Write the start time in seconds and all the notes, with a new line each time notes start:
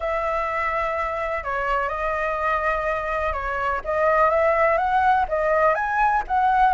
0.00 E5
1.43 C#5
1.89 D#5
3.32 C#5
3.84 D#5
4.30 E5
4.77 F#5
5.28 D#5
5.74 G#5
6.27 F#5